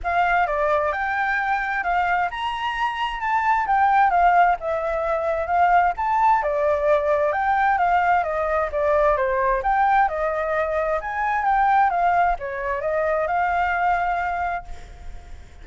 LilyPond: \new Staff \with { instrumentName = "flute" } { \time 4/4 \tempo 4 = 131 f''4 d''4 g''2 | f''4 ais''2 a''4 | g''4 f''4 e''2 | f''4 a''4 d''2 |
g''4 f''4 dis''4 d''4 | c''4 g''4 dis''2 | gis''4 g''4 f''4 cis''4 | dis''4 f''2. | }